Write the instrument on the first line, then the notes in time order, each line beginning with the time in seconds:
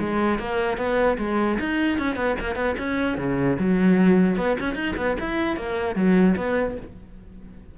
cello
0.00 G#3
0.39 A#3
0.78 B3
1.19 G#3
1.60 D#4
1.99 C#4
2.16 B3
2.40 A#3
2.56 B3
2.79 C#4
3.18 C#3
3.59 F#3
4.37 B3
4.60 C#4
4.76 D#4
4.97 B3
5.20 E4
5.57 A#3
5.96 F#3
6.37 B3